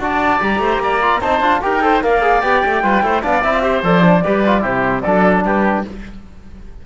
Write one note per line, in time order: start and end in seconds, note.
0.00 0.40 D4
0.00 0.41 F#4
0.00 0.63 D5
0.00 0.43 A5
0.41 0.59 G3
0.41 1.01 G4
0.41 1.22 A#5
0.59 0.78 A3
0.59 0.83 C5
0.78 1.18 A#3
0.78 1.21 D5
1.02 1.23 F4
1.21 1.41 C4
1.21 1.43 D#4
1.21 1.61 C5
1.21 1.62 A5
1.41 1.61 D4
1.41 1.62 F4
1.62 2.04 D#4
1.62 1.81 G4
1.62 1.84 A#4
1.62 2.03 G5
1.81 2.02 A4
1.81 2.04 C5
2.02 2.43 A#3
2.02 2.22 A#4
2.02 2.84 D5
2.02 2.41 F5
2.22 2.42 G#4
2.41 2.64 B3
2.41 2.83 G4
2.41 3.22 G5
2.65 2.84 A3
2.83 3.03 G3
2.83 3.04 F4
2.83 3.04 B4
3.03 3.23 A3
3.03 3.22 E4
3.03 3.23 C5
3.22 3.44 B3
3.22 3.42 D4
3.22 3.63 D5
3.22 3.43 F5
3.43 3.83 C4
3.43 3.54 E4
3.43 3.83 E5
3.54 3.62 F4
3.62 3.82 G4
3.62 4.24 C5
3.83 4.23 F3
3.83 4.02 A4
3.83 4.64 D5
4.02 4.22 D4
4.25 4.64 G3
4.25 4.45 G4
4.25 4.62 B4
4.46 4.61 F4
4.61 5.04 C3
4.61 5.01 E4
4.61 5.02 G4
4.61 5.01 C5
5.01 5.44 F#3
5.01 5.86 D4
5.01 5.44 A4
5.01 5.42 D5
5.44 5.84 G3
5.44 5.85 G4
5.44 5.86 B4